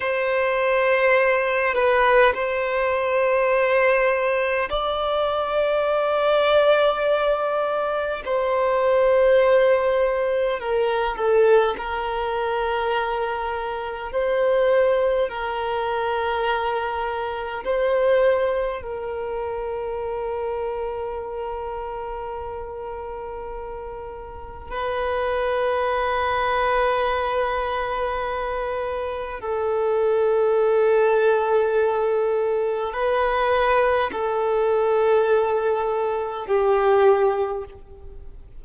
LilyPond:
\new Staff \with { instrumentName = "violin" } { \time 4/4 \tempo 4 = 51 c''4. b'8 c''2 | d''2. c''4~ | c''4 ais'8 a'8 ais'2 | c''4 ais'2 c''4 |
ais'1~ | ais'4 b'2.~ | b'4 a'2. | b'4 a'2 g'4 | }